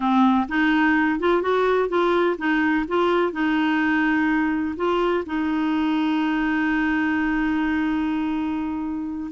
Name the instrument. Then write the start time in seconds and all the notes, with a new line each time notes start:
clarinet
0.00 C4
0.48 D#4
1.19 F4
1.42 F#4
1.89 F4
2.38 D#4
2.87 F4
3.32 D#4
4.76 F4
5.26 D#4